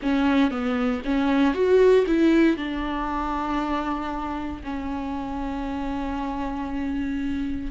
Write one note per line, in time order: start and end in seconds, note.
0.02 0.50 C#4
0.50 1.01 B3
1.04 1.53 C#4
1.53 2.05 F#4
2.06 2.56 E4
2.56 4.62 D4
4.63 7.71 C#4